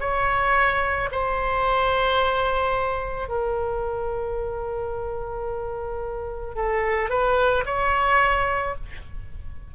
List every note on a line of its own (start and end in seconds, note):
0.00 1.09 C#5
1.12 3.28 C5
3.28 6.55 A#4
6.55 7.10 A4
7.10 7.64 B4
7.66 8.75 C#5